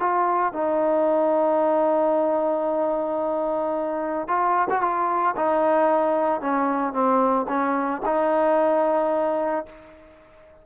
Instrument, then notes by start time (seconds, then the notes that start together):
trombone
0.00 F4
0.53 D#4
4.28 F4
4.70 F#4
4.81 F4
5.36 D#4
6.41 C#4
6.93 C4
7.48 C#4
8.05 D#4